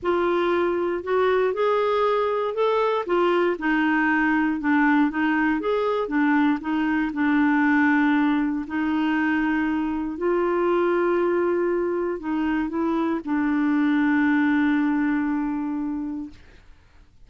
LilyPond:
\new Staff \with { instrumentName = "clarinet" } { \time 4/4 \tempo 4 = 118 f'2 fis'4 gis'4~ | gis'4 a'4 f'4 dis'4~ | dis'4 d'4 dis'4 gis'4 | d'4 dis'4 d'2~ |
d'4 dis'2. | f'1 | dis'4 e'4 d'2~ | d'1 | }